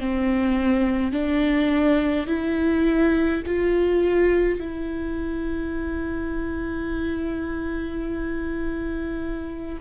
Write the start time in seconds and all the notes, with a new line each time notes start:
0.00 C4
1.12 D4
2.27 E4
3.47 F4
4.60 E4